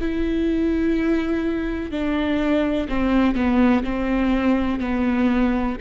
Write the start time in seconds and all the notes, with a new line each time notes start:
0.00 E4
1.91 D4
2.89 C4
3.35 B3
3.84 C4
4.79 B3